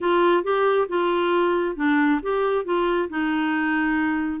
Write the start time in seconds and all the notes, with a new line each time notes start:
0.00 F4
0.43 G4
0.88 F4
1.76 D4
2.22 G4
2.64 F4
3.09 D#4